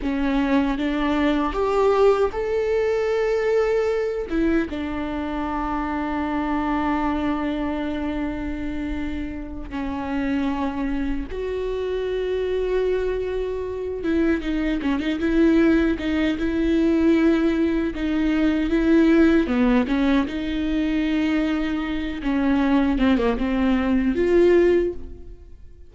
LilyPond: \new Staff \with { instrumentName = "viola" } { \time 4/4 \tempo 4 = 77 cis'4 d'4 g'4 a'4~ | a'4. e'8 d'2~ | d'1~ | d'8 cis'2 fis'4.~ |
fis'2 e'8 dis'8 cis'16 dis'16 e'8~ | e'8 dis'8 e'2 dis'4 | e'4 b8 cis'8 dis'2~ | dis'8 cis'4 c'16 ais16 c'4 f'4 | }